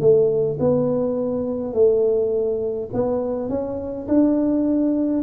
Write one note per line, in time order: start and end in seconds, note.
0.00 0.58 A3
0.59 1.73 B3
1.73 2.89 A3
2.93 3.49 B3
3.49 4.07 C#4
4.08 5.23 D4